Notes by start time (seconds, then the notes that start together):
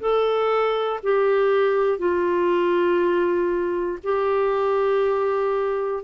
0.00 A4
1.03 G4
1.99 F4
4.03 G4